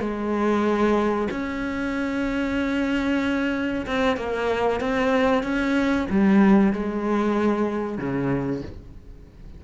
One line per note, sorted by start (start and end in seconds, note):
0.00 1.28 G#3
1.31 3.86 C#4
3.86 4.17 C4
4.17 4.80 A#3
4.80 5.43 C4
5.43 6.07 C#4
6.10 6.73 G3
6.73 7.98 G#3
7.98 8.62 C#3